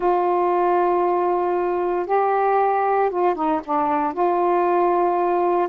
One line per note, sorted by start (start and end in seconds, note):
0.00 2.06 F4
2.06 3.10 G4
3.10 3.35 F4
3.35 3.60 D#4
3.64 4.13 D4
4.13 5.68 F4